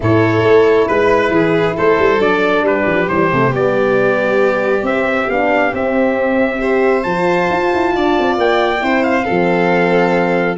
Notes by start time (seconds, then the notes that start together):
0.00 A2 E4 A4 C#5
0.43 A3
0.87 G#3 B4
1.30 E3 G#4
1.76 A3 A4 C5
1.98 G3
2.19 F#3 D4 D5
2.62 G3 G4 B4
2.86 F3
3.08 E3 G3 C5
3.32 C3 A3
3.50 G3 B3 D5
4.82 C4 E5
5.28 B3 D4 F5
5.72 C4 E5
6.58 G4 C5
7.03 F3 F4 A5
7.50 F4
7.73 E4
7.95 D4 D5
8.19 C4
8.37 A#3 G5
8.79 C4 E4 C5
9.03 F5
9.24 F3 C4 A4